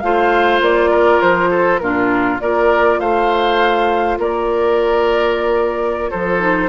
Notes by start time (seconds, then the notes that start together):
0.00 A3 F4 C5 F5
0.60 A#3 D5
0.90 A#4
1.21 F3 C5
1.50 A4
1.78 A#2 D4 F4 A#4
2.39 A#3 F4 A#4 D5
2.99 A3 C5 F5
4.18 A#3 A#4 D5
6.10 F3 A4 C5
6.39 D#4